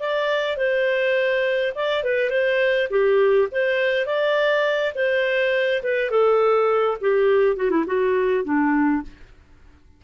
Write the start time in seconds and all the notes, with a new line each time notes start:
0.00 D5
0.57 C5
1.75 D5
2.04 B4
2.31 C5
2.90 G4
3.52 C5
4.06 D5
4.95 C5
5.83 B4
6.11 A4
7.01 G4
7.57 F#4
7.71 E4
7.87 F#4
8.45 D4